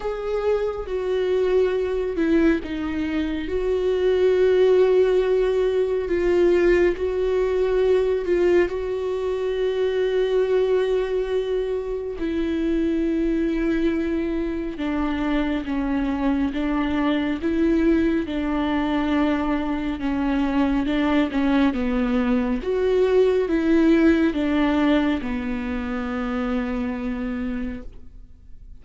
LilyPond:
\new Staff \with { instrumentName = "viola" } { \time 4/4 \tempo 4 = 69 gis'4 fis'4. e'8 dis'4 | fis'2. f'4 | fis'4. f'8 fis'2~ | fis'2 e'2~ |
e'4 d'4 cis'4 d'4 | e'4 d'2 cis'4 | d'8 cis'8 b4 fis'4 e'4 | d'4 b2. | }